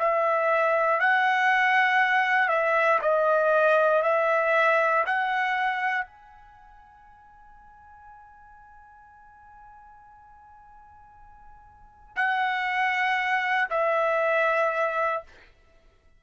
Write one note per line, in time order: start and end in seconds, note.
0.00 1.01 E5
1.01 2.49 F#5
2.49 3.00 E5
3.02 4.03 D#5
4.03 5.05 E5
5.07 6.06 F#5
6.06 12.16 G#5
12.16 13.69 F#5
13.71 15.23 E5